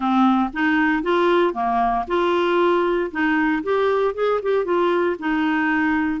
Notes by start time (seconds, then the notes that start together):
0.00 C4
0.53 D#4
1.03 F4
1.53 A#3
2.07 F4
3.11 D#4
3.63 G4
4.14 G#4
4.42 G4
4.64 F4
5.19 D#4